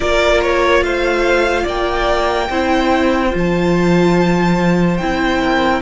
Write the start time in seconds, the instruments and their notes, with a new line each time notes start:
0.00 cello A#3, viola F4, violin A#4 D5
0.42 violin C#5
0.81 cello A3, violin C5 F5
1.63 cello A#3, violin D5 G5
2.49 cello C4, viola E4, violin C5
3.30 cello F3, viola F4
3.38 violin A5
4.97 cello C4, viola E4, violin G5
5.40 violin A#4